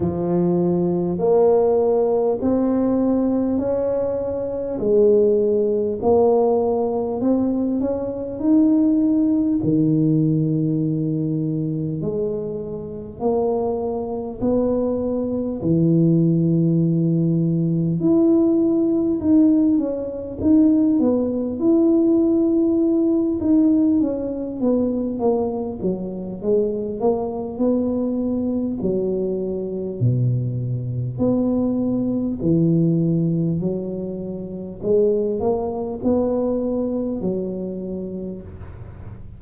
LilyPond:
\new Staff \with { instrumentName = "tuba" } { \time 4/4 \tempo 4 = 50 f4 ais4 c'4 cis'4 | gis4 ais4 c'8 cis'8 dis'4 | dis2 gis4 ais4 | b4 e2 e'4 |
dis'8 cis'8 dis'8 b8 e'4. dis'8 | cis'8 b8 ais8 fis8 gis8 ais8 b4 | fis4 b,4 b4 e4 | fis4 gis8 ais8 b4 fis4 | }